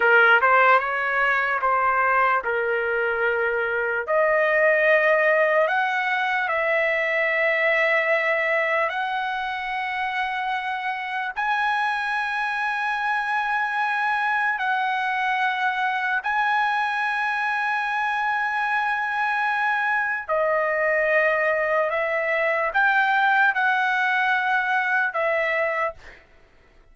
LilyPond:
\new Staff \with { instrumentName = "trumpet" } { \time 4/4 \tempo 4 = 74 ais'8 c''8 cis''4 c''4 ais'4~ | ais'4 dis''2 fis''4 | e''2. fis''4~ | fis''2 gis''2~ |
gis''2 fis''2 | gis''1~ | gis''4 dis''2 e''4 | g''4 fis''2 e''4 | }